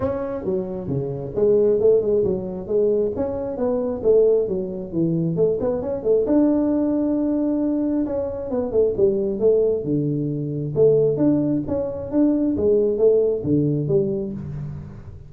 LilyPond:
\new Staff \with { instrumentName = "tuba" } { \time 4/4 \tempo 4 = 134 cis'4 fis4 cis4 gis4 | a8 gis8 fis4 gis4 cis'4 | b4 a4 fis4 e4 | a8 b8 cis'8 a8 d'2~ |
d'2 cis'4 b8 a8 | g4 a4 d2 | a4 d'4 cis'4 d'4 | gis4 a4 d4 g4 | }